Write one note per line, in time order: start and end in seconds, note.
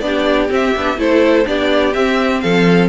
0.00 0.48 B3
0.00 0.48 D4
0.00 0.98 G4
0.00 0.48 D5
0.48 0.72 C4
0.48 0.75 C4
0.48 1.00 E5
0.76 0.97 B3
0.76 0.96 D4
0.96 1.45 A3
0.96 1.44 E4
0.96 1.46 A4
0.96 1.47 C5
1.44 1.94 B3
1.44 1.92 D4
1.44 2.43 G4
1.44 1.93 D5
1.93 2.42 C4
1.93 2.89 C4
1.93 2.40 E5
2.40 2.89 F3
2.40 2.89 A4
2.40 2.88 F5